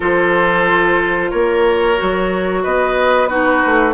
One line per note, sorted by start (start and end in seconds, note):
0.00 1.32 F3
0.00 1.96 F4
0.00 1.30 A4
0.00 1.30 C5
1.30 1.99 A#3
1.30 2.62 A#4
1.30 2.62 C#5
1.96 2.65 F#3
1.96 3.28 F#4
2.63 3.64 B3
2.63 3.28 B4
2.63 3.27 D#5
3.27 3.93 D#4
3.27 3.93 F#4
3.27 3.92 B4
3.65 3.93 A3